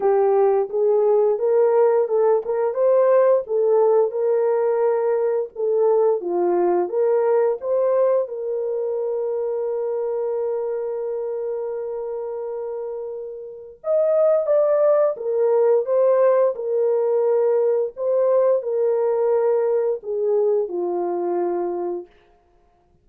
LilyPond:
\new Staff \with { instrumentName = "horn" } { \time 4/4 \tempo 4 = 87 g'4 gis'4 ais'4 a'8 ais'8 | c''4 a'4 ais'2 | a'4 f'4 ais'4 c''4 | ais'1~ |
ais'1 | dis''4 d''4 ais'4 c''4 | ais'2 c''4 ais'4~ | ais'4 gis'4 f'2 | }